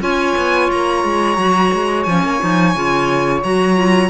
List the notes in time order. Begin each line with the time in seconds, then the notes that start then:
0.00 C#4 F4 C#5 G#5
0.37 B3
0.71 A#3 A#5
1.04 G#3
1.37 F#3 F#4
1.73 G#3
2.04 F3 G#5
2.10 C#4
2.23 A#3
2.40 F3 D#4
2.75 C#3 F4
3.44 F#3 F#4 A#5
3.76 F4